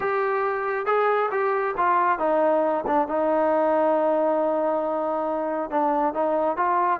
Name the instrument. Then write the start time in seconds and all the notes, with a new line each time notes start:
trombone
0.00 G4
0.86 G#4
1.31 G4
1.77 F4
2.18 D#4
2.87 D4
3.08 D#4
5.70 D4
6.14 D#4
6.57 F4